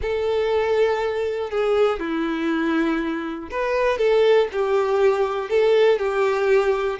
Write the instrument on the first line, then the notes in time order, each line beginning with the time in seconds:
violin
0.01 A4
1.50 G#4
1.99 E4
3.50 B4
3.97 A4
4.52 G4
5.49 A4
5.98 G4